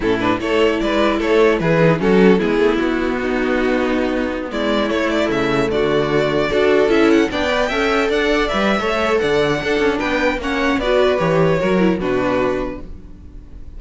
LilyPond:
<<
  \new Staff \with { instrumentName = "violin" } { \time 4/4 \tempo 4 = 150 a'8 b'8 cis''4 d''4 cis''4 | b'4 a'4 gis'4 fis'4~ | fis'2.~ fis'16 d''8.~ | d''16 cis''8 d''8 e''4 d''4.~ d''16~ |
d''4~ d''16 e''8 fis''8 g''4.~ g''16~ | g''16 fis''4 e''4.~ e''16 fis''4~ | fis''4 g''4 fis''4 d''4 | cis''2 b'2 | }
  \new Staff \with { instrumentName = "violin" } { \time 4/4 e'4 a'4 b'4 a'4 | gis'4 fis'4 e'2 | dis'2.~ dis'16 e'8.~ | e'2~ e'16 fis'4.~ fis'16~ |
fis'16 a'2 d''4 e''8.~ | e''16 d''4.~ d''16 cis''4 d''4 | a'4 b'4 cis''4 b'4~ | b'4 ais'4 fis'2 | }
  \new Staff \with { instrumentName = "viola" } { \time 4/4 cis'8 d'8 e'2.~ | e'8 dis'8 cis'4 b2~ | b1~ | b16 a2.~ a8.~ |
a16 fis'4 e'4 d'8 b'8 a'8.~ | a'4~ a'16 b'8. a'2 | d'2 cis'4 fis'4 | g'4 fis'8 e'8 d'2 | }
  \new Staff \with { instrumentName = "cello" } { \time 4/4 a,4 a4 gis4 a4 | e4 fis4 gis8 a8 b4~ | b2.~ b16 gis8.~ | gis16 a4 cis4 d4.~ d16~ |
d16 d'4 cis'4 b4 cis'8.~ | cis'16 d'4 g8. a4 d4 | d'8 cis'8 b4 ais4 b4 | e4 fis4 b,2 | }
>>